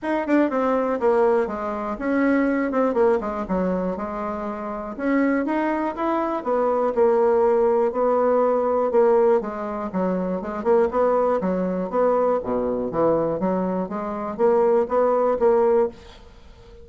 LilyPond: \new Staff \with { instrumentName = "bassoon" } { \time 4/4 \tempo 4 = 121 dis'8 d'8 c'4 ais4 gis4 | cis'4. c'8 ais8 gis8 fis4 | gis2 cis'4 dis'4 | e'4 b4 ais2 |
b2 ais4 gis4 | fis4 gis8 ais8 b4 fis4 | b4 b,4 e4 fis4 | gis4 ais4 b4 ais4 | }